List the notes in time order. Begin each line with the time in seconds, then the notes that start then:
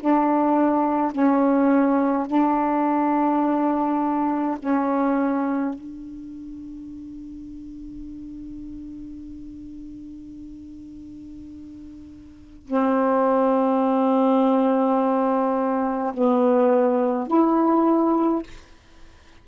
0.00 D4
1.12 C#4
2.28 D4
4.59 C#4
5.75 D4
12.67 C4
16.14 B3
17.28 E4